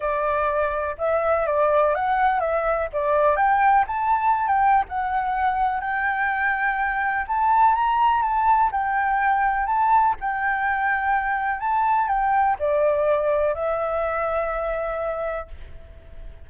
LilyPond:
\new Staff \with { instrumentName = "flute" } { \time 4/4 \tempo 4 = 124 d''2 e''4 d''4 | fis''4 e''4 d''4 g''4 | a''4~ a''16 g''8. fis''2 | g''2. a''4 |
ais''4 a''4 g''2 | a''4 g''2. | a''4 g''4 d''2 | e''1 | }